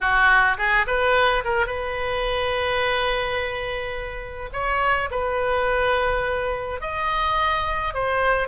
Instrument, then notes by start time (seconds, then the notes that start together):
oboe
0.00 F#4
0.57 G#4
0.86 B4
1.44 A#4
1.66 B4
4.53 C#5
5.10 B4
6.81 D#5
7.93 C5